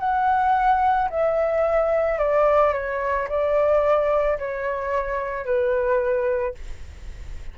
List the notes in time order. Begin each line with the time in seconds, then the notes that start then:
0.00 F#5
1.10 E5
2.19 D5
2.73 C#5
3.29 D5
4.39 C#5
5.45 B4